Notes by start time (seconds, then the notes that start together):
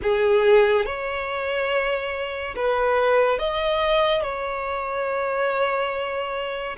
0.02 G#4
0.85 C#5
2.55 B4
3.38 D#5
4.23 C#5